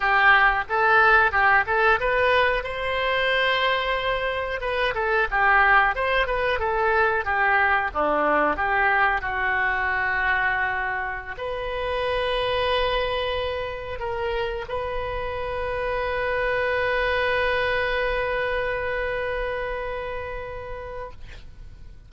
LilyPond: \new Staff \with { instrumentName = "oboe" } { \time 4/4 \tempo 4 = 91 g'4 a'4 g'8 a'8 b'4 | c''2. b'8 a'8 | g'4 c''8 b'8 a'4 g'4 | d'4 g'4 fis'2~ |
fis'4~ fis'16 b'2~ b'8.~ | b'4~ b'16 ais'4 b'4.~ b'16~ | b'1~ | b'1 | }